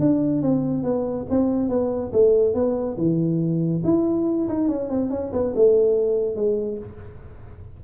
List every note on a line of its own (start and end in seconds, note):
0.00 0.42 D4
0.42 0.84 C4
0.84 1.26 B3
1.30 1.69 C4
1.69 2.12 B3
2.13 2.54 A3
2.54 2.97 B3
2.97 3.83 E3
3.84 4.48 E4
4.49 4.68 D#4
4.68 4.90 C#4
4.90 5.10 C4
5.10 5.32 C#4
5.33 5.54 B3
5.56 6.36 A3
6.36 6.78 G#3